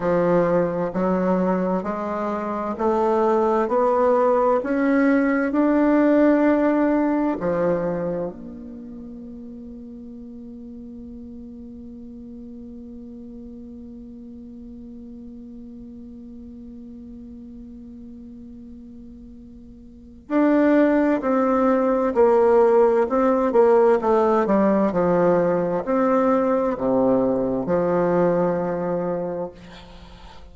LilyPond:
\new Staff \with { instrumentName = "bassoon" } { \time 4/4 \tempo 4 = 65 f4 fis4 gis4 a4 | b4 cis'4 d'2 | f4 ais2.~ | ais1~ |
ais1~ | ais2 d'4 c'4 | ais4 c'8 ais8 a8 g8 f4 | c'4 c4 f2 | }